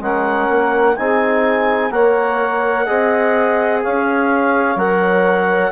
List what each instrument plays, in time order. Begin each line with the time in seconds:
0.00 bassoon G#3, trombone C#4, saxophone A#4, clarinet F#5
0.49 bassoon A#3
0.96 bassoon C4, trombone D#4, saxophone G#4, clarinet G#5
1.91 bassoon A#3, trombone A#4, saxophone C#5, clarinet F#5
2.85 bassoon C4, trombone G#4, saxophone D#5
3.82 bassoon C#4, saxophone C#5, clarinet F5
4.76 bassoon F#3, trombone A#4, clarinet F#5